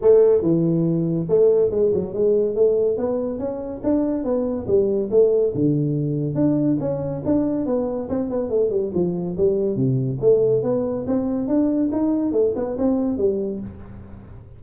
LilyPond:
\new Staff \with { instrumentName = "tuba" } { \time 4/4 \tempo 4 = 141 a4 e2 a4 | gis8 fis8 gis4 a4 b4 | cis'4 d'4 b4 g4 | a4 d2 d'4 |
cis'4 d'4 b4 c'8 b8 | a8 g8 f4 g4 c4 | a4 b4 c'4 d'4 | dis'4 a8 b8 c'4 g4 | }